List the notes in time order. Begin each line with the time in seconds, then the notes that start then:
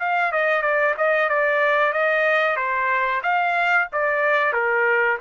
0.00 F5
0.32 D#5
0.62 D5
0.98 D#5
1.30 D5
1.93 D#5
2.57 C5
3.23 F5
3.92 D5
4.53 A#4